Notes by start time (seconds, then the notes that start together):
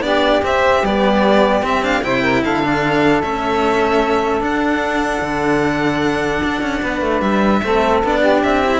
0.00 B3 D4 G4 D5
0.42 C4 E5
0.82 G3 B3 D5
1.62 C4 E5
1.82 D4 F5
2.03 C3 E4 C5 G5
2.22 A#4
2.44 D3 A4 F5
2.63 D4
3.22 A3 C#4 E5
4.40 D4 F#5
5.21 D3
6.43 D4
6.61 C#4
6.82 B3 B4
7.01 A3
7.20 G3 E5
7.63 A3 C4 A4
8.02 B3 D4 D5
8.19 G4
8.42 C4 E5
8.64 E4